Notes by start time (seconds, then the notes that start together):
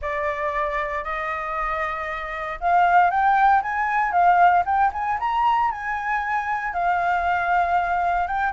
0.01 D5
1.03 D#5
2.60 F5
3.10 G5
3.62 G#5
4.11 F5
4.65 G5
4.93 G#5
5.19 A#5
5.71 G#5
6.73 F5
8.27 G5